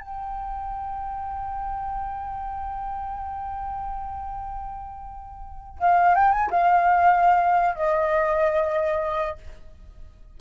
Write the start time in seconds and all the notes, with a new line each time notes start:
0.00 G5
5.79 F5
6.14 G5
6.31 G#5
6.50 F5
7.75 D#5